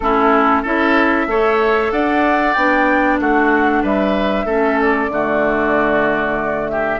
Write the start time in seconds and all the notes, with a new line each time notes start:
0.00 A3 C#4 E4 A4
0.62 C#4 E4 A4 E5
1.27 A3 A4 C#5
1.91 D4 D5 F#5
2.53 B3 D4 G5
3.19 A3 F#4 F#5
3.82 G3 B4 E5
4.44 A3 C#4 A4
4.81 D5
5.08 D3 A3 F#4
6.68 G4 E5